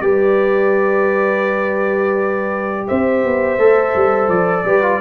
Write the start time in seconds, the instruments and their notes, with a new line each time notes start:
0.00 tuba G3, trombone G4, horn B4, trumpet D5
2.87 tuba C4, horn C5, trumpet E5
3.24 tuba B3
3.58 tuba A3, trombone A4
3.95 tuba G3
4.28 tuba F3, trumpet D5
4.64 tuba G3, trombone G4, horn B4
4.82 trombone F4